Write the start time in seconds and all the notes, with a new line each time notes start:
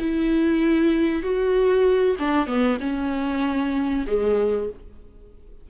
0.00 E4
1.23 F#4
2.19 D4
2.47 B3
2.81 C#4
4.07 G#3